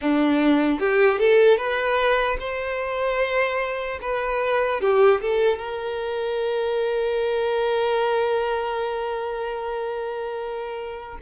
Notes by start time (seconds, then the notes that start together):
0.01 D4
0.79 G4
1.18 A4
1.57 B4
2.39 C5
4.01 B4
4.80 G4
5.21 A4
5.58 A#4